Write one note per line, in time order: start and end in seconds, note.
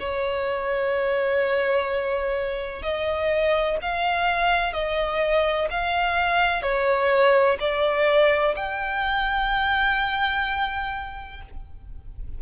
0.00 2.83 C#5
2.83 3.78 D#5
3.82 4.74 F5
4.74 5.69 D#5
5.71 6.63 F5
6.63 7.58 C#5
7.60 8.55 D5
8.56 11.42 G5